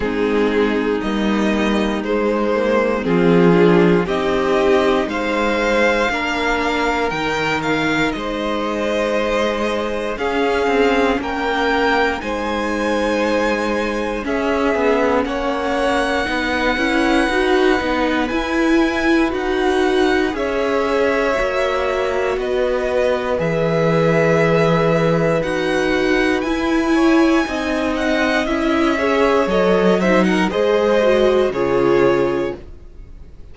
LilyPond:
<<
  \new Staff \with { instrumentName = "violin" } { \time 4/4 \tempo 4 = 59 gis'4 dis''4 c''4 gis'4 | dis''4 f''2 g''8 f''8 | dis''2 f''4 g''4 | gis''2 e''4 fis''4~ |
fis''2 gis''4 fis''4 | e''2 dis''4 e''4~ | e''4 fis''4 gis''4. fis''8 | e''4 dis''8 e''16 fis''16 dis''4 cis''4 | }
  \new Staff \with { instrumentName = "violin" } { \time 4/4 dis'2. f'4 | g'4 c''4 ais'2 | c''2 gis'4 ais'4 | c''2 gis'4 cis''4 |
b'1 | cis''2 b'2~ | b'2~ b'8 cis''8 dis''4~ | dis''8 cis''4 c''16 ais'16 c''4 gis'4 | }
  \new Staff \with { instrumentName = "viola" } { \time 4/4 c'4 ais4 gis8 ais8 c'8 d'8 | dis'2 d'4 dis'4~ | dis'2 cis'2 | dis'2 cis'2 |
dis'8 e'8 fis'8 dis'8 e'4 fis'4 | gis'4 fis'2 gis'4~ | gis'4 fis'4 e'4 dis'4 | e'8 gis'8 a'8 dis'8 gis'8 fis'8 f'4 | }
  \new Staff \with { instrumentName = "cello" } { \time 4/4 gis4 g4 gis4 f4 | c'4 gis4 ais4 dis4 | gis2 cis'8 c'8 ais4 | gis2 cis'8 b8 ais4 |
b8 cis'8 dis'8 b8 e'4 dis'4 | cis'4 ais4 b4 e4~ | e4 dis'4 e'4 c'4 | cis'4 fis4 gis4 cis4 | }
>>